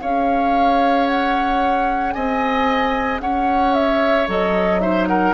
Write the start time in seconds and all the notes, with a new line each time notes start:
0.00 C#4 G#4 C#5 F5
1.06 F#5
2.12 C4 D#5 G#5
3.20 C#4 C#5 F#5
3.73 E5
4.27 F#3 A4 D#5
4.79 D#4 C5 E5
5.07 A#4 F#5